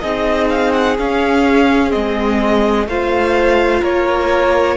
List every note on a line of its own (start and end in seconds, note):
0.00 0.99 C4
0.00 0.98 D#4
0.00 2.87 G#4
0.00 0.48 D#5
0.50 0.73 F5
0.73 0.97 F#5
0.98 1.90 C#4
0.98 1.95 C#4
0.98 1.91 F5
1.90 2.87 G#3
1.90 2.85 C4
1.90 2.87 D#5
2.87 3.82 A3
2.87 4.78 F4
2.87 3.81 C5
2.87 3.84 F5
3.81 4.78 A#3
3.81 4.76 A#4
3.81 4.78 C#5